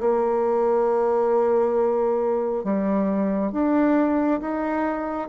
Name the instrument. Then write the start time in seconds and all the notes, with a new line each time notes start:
bassoon
0.00 A#3
2.64 G3
3.52 D4
4.41 D#4